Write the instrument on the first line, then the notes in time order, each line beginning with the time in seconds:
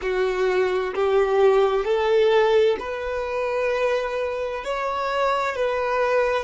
violin
0.01 F#4
0.94 G4
1.84 A4
2.79 B4
4.64 C#5
5.56 B4